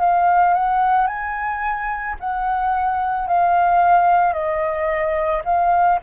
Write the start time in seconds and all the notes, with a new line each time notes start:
0.00 F5
0.54 F#5
1.07 G#5
2.20 F#5
3.27 F5
4.33 D#5
5.45 F5